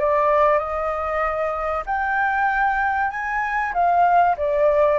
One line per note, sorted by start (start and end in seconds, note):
0.00 0.59 D5
0.59 1.84 D#5
1.86 3.11 G5
3.11 3.73 G#5
3.74 4.36 F5
4.38 4.99 D5